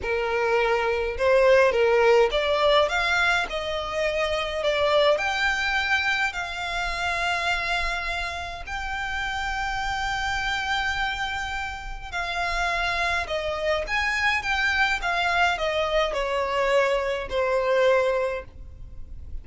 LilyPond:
\new Staff \with { instrumentName = "violin" } { \time 4/4 \tempo 4 = 104 ais'2 c''4 ais'4 | d''4 f''4 dis''2 | d''4 g''2 f''4~ | f''2. g''4~ |
g''1~ | g''4 f''2 dis''4 | gis''4 g''4 f''4 dis''4 | cis''2 c''2 | }